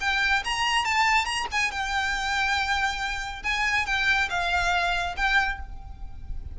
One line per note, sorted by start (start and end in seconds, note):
0.00 0.43 G5
0.44 0.85 A#5
0.85 1.25 A5
1.25 1.46 A#5
1.51 1.71 G#5
1.71 3.42 G5
3.43 3.86 G#5
3.86 4.29 G5
4.30 5.15 F5
5.16 5.59 G5